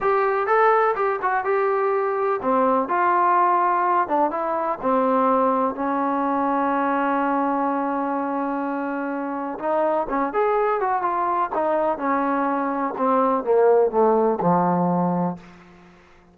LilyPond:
\new Staff \with { instrumentName = "trombone" } { \time 4/4 \tempo 4 = 125 g'4 a'4 g'8 fis'8 g'4~ | g'4 c'4 f'2~ | f'8 d'8 e'4 c'2 | cis'1~ |
cis'1 | dis'4 cis'8 gis'4 fis'8 f'4 | dis'4 cis'2 c'4 | ais4 a4 f2 | }